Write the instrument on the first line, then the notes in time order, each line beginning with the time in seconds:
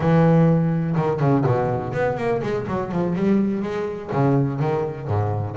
double bass
0.00 E3
0.96 D#3
1.20 C#3
1.46 B2
1.93 B3
2.17 A#3
2.42 G#3
2.67 F#3
2.91 F3
3.15 G3
3.62 G#3
4.12 C#3
4.59 D#3
5.07 G#2